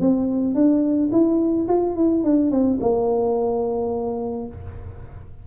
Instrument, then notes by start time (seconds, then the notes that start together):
tuba
0.00 C4
0.55 D4
1.12 E4
1.68 F4
1.96 E4
2.23 D4
2.51 C4
2.80 A#3